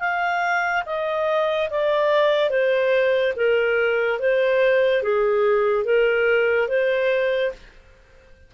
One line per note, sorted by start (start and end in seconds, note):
0.00 0.83 F5
0.86 1.69 D#5
1.70 2.50 D5
2.50 3.33 C5
3.36 4.19 A#4
4.19 5.03 C5
5.03 5.85 G#4
5.85 6.68 A#4
6.69 7.52 C5